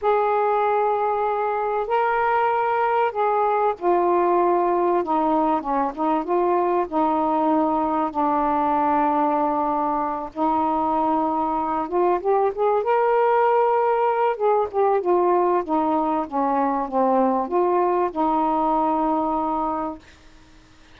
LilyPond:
\new Staff \with { instrumentName = "saxophone" } { \time 4/4 \tempo 4 = 96 gis'2. ais'4~ | ais'4 gis'4 f'2 | dis'4 cis'8 dis'8 f'4 dis'4~ | dis'4 d'2.~ |
d'8 dis'2~ dis'8 f'8 g'8 | gis'8 ais'2~ ais'8 gis'8 g'8 | f'4 dis'4 cis'4 c'4 | f'4 dis'2. | }